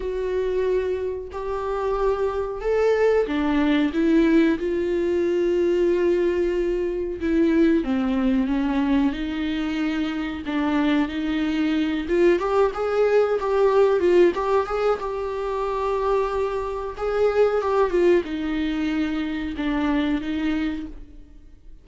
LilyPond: \new Staff \with { instrumentName = "viola" } { \time 4/4 \tempo 4 = 92 fis'2 g'2 | a'4 d'4 e'4 f'4~ | f'2. e'4 | c'4 cis'4 dis'2 |
d'4 dis'4. f'8 g'8 gis'8~ | gis'8 g'4 f'8 g'8 gis'8 g'4~ | g'2 gis'4 g'8 f'8 | dis'2 d'4 dis'4 | }